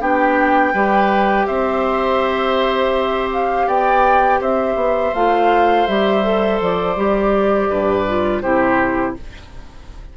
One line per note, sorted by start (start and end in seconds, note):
0.00 0.73 B3
0.00 0.73 D4
0.00 0.73 G4
0.00 1.46 G5
0.73 1.46 G3
0.73 5.13 G4
0.73 1.46 B4
1.46 3.67 C4
1.46 3.66 C5
1.46 3.29 E5
3.32 3.68 F5
3.67 4.40 B3
3.67 4.40 D5
3.67 4.41 G5
4.40 4.75 C4
4.40 7.69 C5
4.40 5.14 E5
4.75 5.11 B3
5.14 5.87 A3
5.14 5.87 F4
5.14 5.87 F5
5.87 6.60 G3
5.87 6.23 G4
5.87 6.60 E5
6.23 6.96 A4
6.60 6.96 F3
6.60 8.41 D5
6.96 7.69 G3
6.96 8.06 G4
7.69 8.43 G2
7.69 8.42 B4
8.07 8.43 F4
8.41 9.16 C3
8.41 9.16 E4
8.41 9.15 G4
8.41 9.14 C5